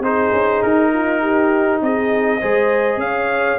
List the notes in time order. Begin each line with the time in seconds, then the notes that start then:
0.00 C4 D#4 G#4 C5
0.32 C#4
0.62 D#4 A#4
0.93 F4
1.21 G4
1.81 C4 G#4 D#5
2.40 G#3 G#4 C5
2.97 C#4 F5
3.03 C#5